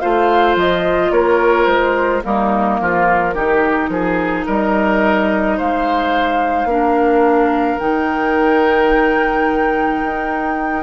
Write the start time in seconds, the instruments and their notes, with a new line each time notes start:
0.00 bassoon A3, clarinet F4, oboe C5, flute F5
0.56 bassoon F3, flute D#5
1.11 bassoon A#3, oboe A#4, flute C#5
1.66 bassoon G#3, flute C5
2.22 bassoon G3, clarinet A#3, oboe D#4, flute A#4
2.81 bassoon F3, oboe F4
3.35 bassoon D#3, clarinet D#4, oboe G4
3.89 bassoon F3, oboe G#4
4.47 bassoon G3, oboe A#4, flute D#5
5.57 bassoon G#3, oboe C5, flute F5
6.65 bassoon A#3, clarinet D4, oboe A#4
7.79 bassoon D#3, clarinet D#4, flute G5
10.03 bassoon D#4